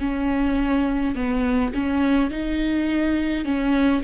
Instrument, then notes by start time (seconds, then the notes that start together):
viola
0.00 C#4
1.15 B3
1.74 C#4
2.31 D#4
3.45 C#4